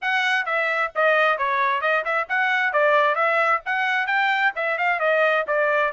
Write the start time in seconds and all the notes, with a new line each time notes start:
0.01 F#5
0.45 E5
0.95 D#5
1.37 C#5
1.81 D#5
2.04 E5
2.29 F#5
2.73 D5
3.15 E5
3.65 F#5
4.07 G5
4.55 E5
4.78 F5
4.99 D#5
5.47 D5